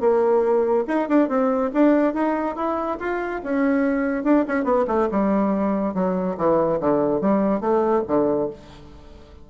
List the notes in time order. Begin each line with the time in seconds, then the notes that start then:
0.00 A#3
0.87 D#4
1.09 D4
1.28 C4
1.73 D4
2.14 D#4
2.55 E4
2.99 F4
3.43 C#4
4.24 D4
4.48 C#4
4.64 B3
4.87 A3
5.11 G3
5.94 F#3
6.37 E3
6.80 D3
7.21 G3
7.60 A3
8.07 D3